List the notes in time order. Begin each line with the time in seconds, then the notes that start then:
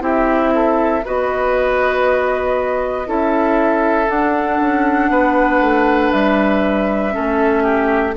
0.00 C4 E4 G4 E5
0.54 A4
1.05 B3 F#4 B4 D#5
3.06 C#4 E4 A4 E5
4.07 D4 F#5
4.60 C#4
5.09 B3 B4
5.60 A3
6.11 G3 E5
7.11 A3 C#4 A4
7.63 G4